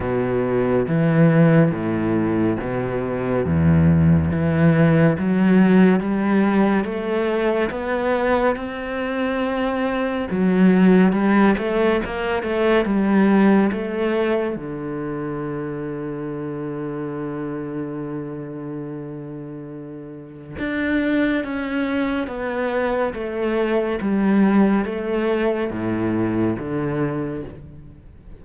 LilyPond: \new Staff \with { instrumentName = "cello" } { \time 4/4 \tempo 4 = 70 b,4 e4 a,4 b,4 | e,4 e4 fis4 g4 | a4 b4 c'2 | fis4 g8 a8 ais8 a8 g4 |
a4 d2.~ | d1 | d'4 cis'4 b4 a4 | g4 a4 a,4 d4 | }